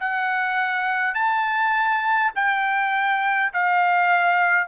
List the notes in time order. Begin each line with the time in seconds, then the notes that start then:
0.00 F#5
1.14 A5
2.35 G5
3.53 F5